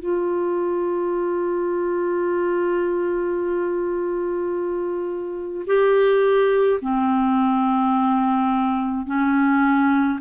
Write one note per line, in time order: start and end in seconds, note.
0.00 5.66 F4
5.67 6.80 G4
6.81 9.06 C4
9.06 10.19 C#4